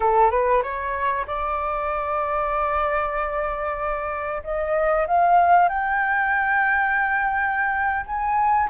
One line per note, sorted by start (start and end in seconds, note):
0.00 0.30 A4
0.30 0.62 B4
0.62 1.25 C#5
1.26 4.42 D5
4.43 5.06 D#5
5.07 5.68 F5
5.68 8.05 G5
8.06 8.69 G#5